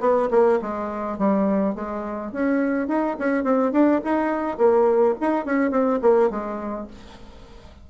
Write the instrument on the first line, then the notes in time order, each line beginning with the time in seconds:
bassoon
0.00 B3
0.31 A#3
0.62 G#3
1.18 G3
1.75 G#3
2.32 C#4
2.88 D#4
3.19 C#4
3.44 C4
3.72 D4
4.04 D#4
4.58 A#3
5.21 D#4
5.45 C#4
5.71 C4
6.02 A#3
6.30 G#3